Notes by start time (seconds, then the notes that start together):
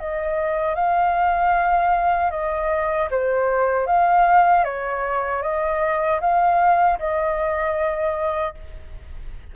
0.00 D#5
0.75 F5
2.31 D#5
3.11 C5
3.87 F5
4.65 C#5
5.43 D#5
6.21 F5
7.00 D#5